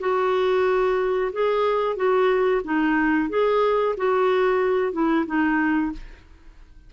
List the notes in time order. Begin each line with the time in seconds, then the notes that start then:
0.00 F#4
1.33 G#4
1.96 F#4
2.64 D#4
3.30 G#4
3.97 F#4
4.93 E4
5.26 D#4